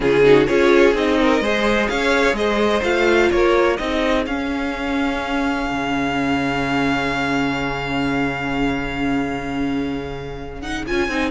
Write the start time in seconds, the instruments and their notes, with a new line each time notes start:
0.00 cello C#3, viola C#4, violin F4 G#4
0.24 viola D#4, violin F#4
0.46 cello C#4, viola F4, violin G#4 C#5
0.94 cello C4, viola D#4, violin D#5
1.19 violin A#4
1.40 cello G#3, viola G#4, violin C5
1.88 cello C#4, violin C#5 F5
2.32 cello G#3, violin C5 D#5
2.83 cello A3, viola F4, violin F5
3.31 cello A#3, violin A#4 C#5
3.76 cello C4, viola D#4, violin G#4 D#5
4.26 cello C#4, viola C#4, violin F5
5.69 cello C#3
10.61 viola D#4, violin F#5
10.86 cello C#4, viola F4, violin G#5
11.08 cello C4, viola D#4